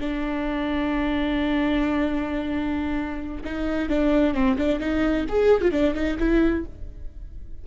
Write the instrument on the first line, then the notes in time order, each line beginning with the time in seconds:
viola
0.00 D4
3.44 D#4
3.89 D4
4.34 C4
4.58 D4
4.80 D#4
5.29 G#4
5.61 F4
5.72 D4
5.94 D#4
6.19 E4